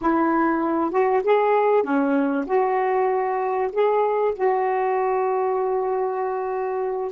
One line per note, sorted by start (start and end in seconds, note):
0.01 0.91 E4
0.91 1.21 F#4
1.23 1.82 G#4
1.82 2.44 C#4
2.46 3.70 F#4
3.72 4.34 G#4
4.34 7.11 F#4